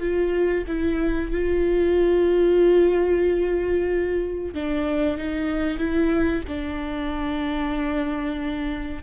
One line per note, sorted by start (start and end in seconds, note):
0.00 0.65 F4
0.68 1.32 E4
1.32 4.54 F4
4.54 5.18 D4
5.18 5.78 D#4
5.78 6.43 E4
6.48 9.03 D4